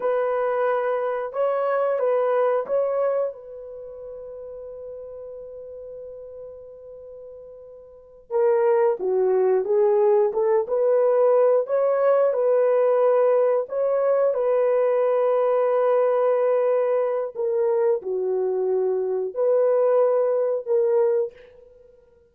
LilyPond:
\new Staff \with { instrumentName = "horn" } { \time 4/4 \tempo 4 = 90 b'2 cis''4 b'4 | cis''4 b'2.~ | b'1~ | b'8 ais'4 fis'4 gis'4 a'8 |
b'4. cis''4 b'4.~ | b'8 cis''4 b'2~ b'8~ | b'2 ais'4 fis'4~ | fis'4 b'2 ais'4 | }